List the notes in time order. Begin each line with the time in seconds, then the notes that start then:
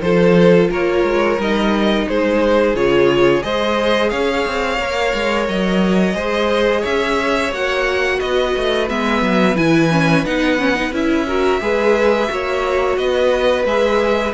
0.00 F3 F4 A4 C5
0.70 A#3 A#4 C#5
1.03 G#3
1.37 G3 D#4 D#5
2.08 G#3 G#4 C5
2.74 C#3 F4 C#5
3.41 G#3 G#4 C5 D#5
4.09 C#4 C#5 F5
4.46 C4
4.78 A#3 A#4
5.14 G#3
5.48 F#3 D#5
6.13 G#3 G#4 C5
6.80 C#4 C#5 E5
7.51 A#3 F#4 F#5
8.19 B3 B4 D#5
8.56 A3
8.89 G#3 B3 E5
9.21 F#3
9.55 E3 E4 G#5
9.91 C#4
10.25 B3 D#4 F#5
10.58 C#4
10.74 D#4
10.92 C#4 E4 E5
11.26 F#4 A#4
11.61 G#3 G#4 B4
12.28 A#3 F#4 C#5
12.97 B3 B4 D#5
13.64 G#3 G#4 E5